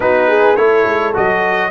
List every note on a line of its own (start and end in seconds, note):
0.00 0.56 B3
0.00 0.56 D#4
0.00 0.28 F#4
0.00 0.56 B4
0.28 0.56 G#4
0.56 0.85 A3
0.56 1.13 E4
0.56 1.70 A4
0.56 1.13 C#5
0.86 1.14 G#3
1.13 1.70 F#3
1.13 1.70 F#4
1.13 1.70 D#5